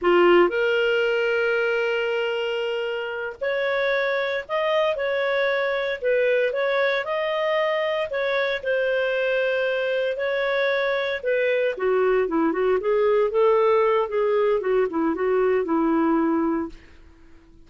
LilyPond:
\new Staff \with { instrumentName = "clarinet" } { \time 4/4 \tempo 4 = 115 f'4 ais'2.~ | ais'2~ ais'8 cis''4.~ | cis''8 dis''4 cis''2 b'8~ | b'8 cis''4 dis''2 cis''8~ |
cis''8 c''2. cis''8~ | cis''4. b'4 fis'4 e'8 | fis'8 gis'4 a'4. gis'4 | fis'8 e'8 fis'4 e'2 | }